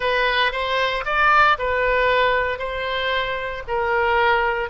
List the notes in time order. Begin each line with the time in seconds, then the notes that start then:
0.00 B4
0.52 C5
1.05 D5
1.58 B4
2.58 C5
3.67 A#4